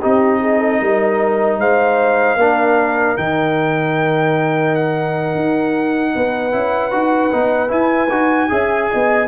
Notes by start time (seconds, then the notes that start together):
0.00 C4 D#4 G4 D#5
0.40 G#4
0.59 A4
0.81 G3 A#4
1.58 G#3 C5 F5
2.36 A#3 D4 A#4
3.17 D#3 D#4 G5
4.75 F#5
5.35 D#4
6.15 B3 B4
6.52 C#4 E4
6.91 D#4 F#4
7.31 B3 D#4
7.68 E4 G#5
8.10 D#4 F#4
8.49 C#4 G#4 E5
8.91 B3 D#5